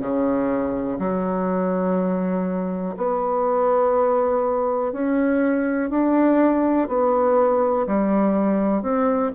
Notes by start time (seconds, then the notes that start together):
0.00 C#3
0.99 F#3
2.97 B3
4.92 C#4
5.90 D4
6.88 B3
7.87 G3
8.83 C4